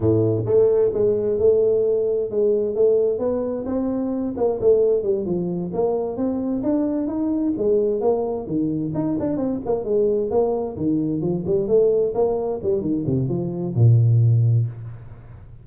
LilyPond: \new Staff \with { instrumentName = "tuba" } { \time 4/4 \tempo 4 = 131 a,4 a4 gis4 a4~ | a4 gis4 a4 b4 | c'4. ais8 a4 g8 f8~ | f8 ais4 c'4 d'4 dis'8~ |
dis'8 gis4 ais4 dis4 dis'8 | d'8 c'8 ais8 gis4 ais4 dis8~ | dis8 f8 g8 a4 ais4 g8 | dis8 c8 f4 ais,2 | }